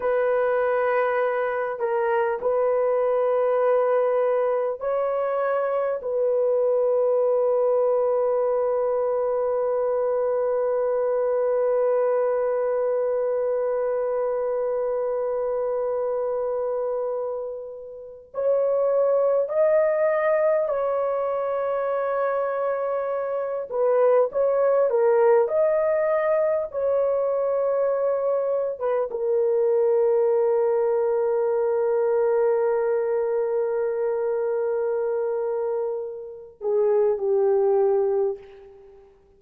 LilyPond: \new Staff \with { instrumentName = "horn" } { \time 4/4 \tempo 4 = 50 b'4. ais'8 b'2 | cis''4 b'2.~ | b'1~ | b'2.~ b'16 cis''8.~ |
cis''16 dis''4 cis''2~ cis''8 b'16~ | b'16 cis''8 ais'8 dis''4 cis''4.~ cis''16 | b'16 ais'2.~ ais'8.~ | ais'2~ ais'8 gis'8 g'4 | }